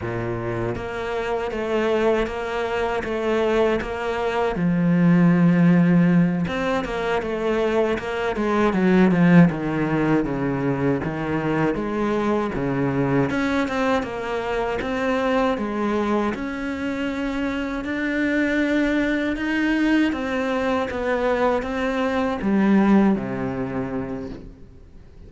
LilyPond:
\new Staff \with { instrumentName = "cello" } { \time 4/4 \tempo 4 = 79 ais,4 ais4 a4 ais4 | a4 ais4 f2~ | f8 c'8 ais8 a4 ais8 gis8 fis8 | f8 dis4 cis4 dis4 gis8~ |
gis8 cis4 cis'8 c'8 ais4 c'8~ | c'8 gis4 cis'2 d'8~ | d'4. dis'4 c'4 b8~ | b8 c'4 g4 c4. | }